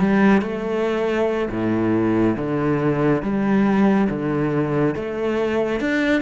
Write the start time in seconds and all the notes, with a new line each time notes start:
0.00 G3
0.42 A3
1.50 A2
2.37 D3
3.22 G3
4.09 D3
4.95 A3
5.80 D4